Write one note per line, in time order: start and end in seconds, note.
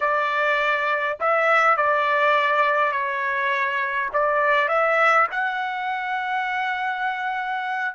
0.00 1.18 D5
1.20 1.76 E5
1.76 2.91 D5
2.91 4.09 C#5
4.13 4.68 D5
4.68 5.27 E5
5.31 7.95 F#5